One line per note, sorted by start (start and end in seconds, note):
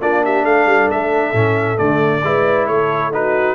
0.00 0.44 A#3
0.00 1.35 D4
0.00 0.23 F4
0.00 0.24 D5
0.24 0.44 G4
0.24 0.45 E5
0.44 0.66 A3
0.44 2.22 A4
0.44 0.89 F5
0.66 0.88 G3
0.90 1.33 A3
0.90 1.78 E5
1.33 1.77 A2
1.33 1.77 C#4
1.77 2.24 D3
1.77 2.21 A3
1.77 2.67 D5
2.24 2.68 G#3
2.24 3.12 E4
2.24 2.69 B4
2.67 3.55 A3
2.67 3.13 A4
2.67 3.11 C#5
3.12 3.55 D#4
3.12 3.55 F#4
3.12 3.55 B4